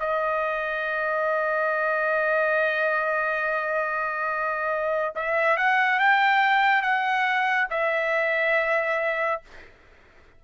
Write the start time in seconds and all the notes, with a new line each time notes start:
0.00 D#5
5.15 E5
5.57 F#5
6.00 G5
6.82 F#5
7.71 E5